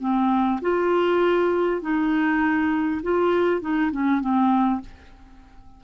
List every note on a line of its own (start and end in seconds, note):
0.00 0.60 C4
0.62 1.82 F4
1.82 3.02 D#4
3.03 3.61 F4
3.61 3.91 D#4
3.92 4.21 C#4
4.21 4.81 C4